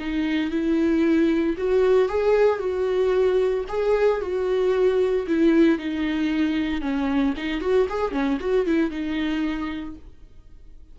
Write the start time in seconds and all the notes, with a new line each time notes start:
0.00 D#4
0.51 E4
1.58 F#4
2.09 G#4
2.60 F#4
3.69 G#4
4.22 F#4
5.28 E4
5.79 D#4
6.82 C#4
7.37 D#4
7.61 F#4
7.90 G#4
8.12 C#4
8.40 F#4
8.67 E4
8.91 D#4